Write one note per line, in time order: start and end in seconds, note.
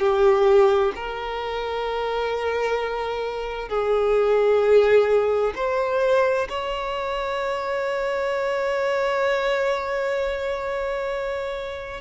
0.00 0.92 G4
0.96 3.69 A#4
3.69 5.53 G#4
5.56 6.48 C5
6.49 12.01 C#5